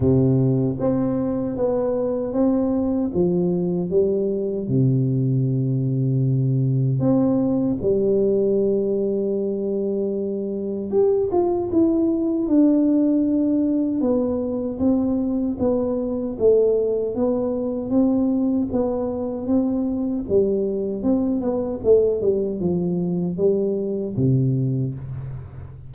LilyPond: \new Staff \with { instrumentName = "tuba" } { \time 4/4 \tempo 4 = 77 c4 c'4 b4 c'4 | f4 g4 c2~ | c4 c'4 g2~ | g2 g'8 f'8 e'4 |
d'2 b4 c'4 | b4 a4 b4 c'4 | b4 c'4 g4 c'8 b8 | a8 g8 f4 g4 c4 | }